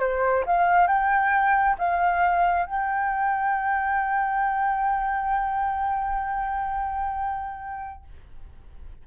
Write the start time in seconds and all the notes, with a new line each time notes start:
0.00 C5
0.47 F5
0.88 G5
1.79 F5
2.67 G5